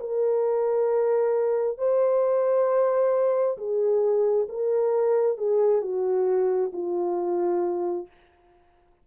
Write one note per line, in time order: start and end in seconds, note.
0.00 1.78 A#4
1.78 3.57 C5
3.58 4.47 G#4
4.49 5.37 A#4
5.37 5.82 G#4
5.82 6.71 F#4
6.72 8.07 F4